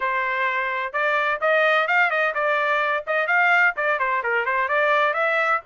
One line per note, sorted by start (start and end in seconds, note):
0.00 0.92 C5
0.92 1.39 D5
1.40 1.87 D#5
1.87 2.10 F5
2.10 2.33 D#5
2.34 3.04 D5
3.07 3.27 D#5
3.27 3.74 F5
3.76 3.99 D5
3.99 4.22 C5
4.23 4.45 A#4
4.45 4.68 C5
4.68 5.13 D5
5.13 5.60 E5